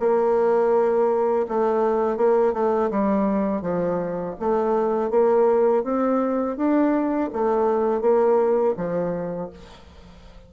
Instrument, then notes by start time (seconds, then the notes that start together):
bassoon
0.00 A#3
1.49 A3
2.17 A#3
2.54 A3
2.91 G3
3.62 F3
4.40 A3
5.11 A#3
5.84 C4
6.57 D4
7.33 A3
8.02 A#3
8.77 F3